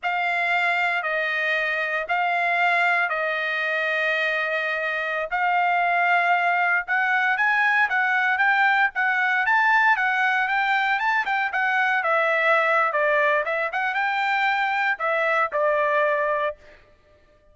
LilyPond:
\new Staff \with { instrumentName = "trumpet" } { \time 4/4 \tempo 4 = 116 f''2 dis''2 | f''2 dis''2~ | dis''2~ dis''16 f''4.~ f''16~ | f''4~ f''16 fis''4 gis''4 fis''8.~ |
fis''16 g''4 fis''4 a''4 fis''8.~ | fis''16 g''4 a''8 g''8 fis''4 e''8.~ | e''4 d''4 e''8 fis''8 g''4~ | g''4 e''4 d''2 | }